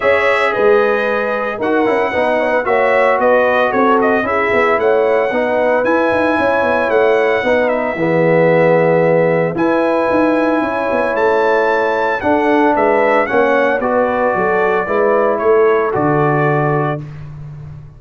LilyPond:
<<
  \new Staff \with { instrumentName = "trumpet" } { \time 4/4 \tempo 4 = 113 e''4 dis''2 fis''4~ | fis''4 e''4 dis''4 cis''8 dis''8 | e''4 fis''2 gis''4~ | gis''4 fis''4. e''4.~ |
e''2 gis''2~ | gis''4 a''2 fis''4 | e''4 fis''4 d''2~ | d''4 cis''4 d''2 | }
  \new Staff \with { instrumentName = "horn" } { \time 4/4 cis''4 b'2 ais'4 | b'8 cis''16 b'16 cis''4 b'4 a'4 | gis'4 cis''4 b'2 | cis''2 b'4 gis'4~ |
gis'2 b'2 | cis''2. a'4 | b'4 cis''4 b'4 a'4 | b'4 a'2. | }
  \new Staff \with { instrumentName = "trombone" } { \time 4/4 gis'2. fis'8 e'8 | dis'4 fis'2. | e'2 dis'4 e'4~ | e'2 dis'4 b4~ |
b2 e'2~ | e'2. d'4~ | d'4 cis'4 fis'2 | e'2 fis'2 | }
  \new Staff \with { instrumentName = "tuba" } { \time 4/4 cis'4 gis2 dis'8 cis'8 | b4 ais4 b4 c'4 | cis'8 b8 a4 b4 e'8 dis'8 | cis'8 b8 a4 b4 e4~ |
e2 e'4 dis'4 | cis'8 b8 a2 d'4 | gis4 ais4 b4 fis4 | gis4 a4 d2 | }
>>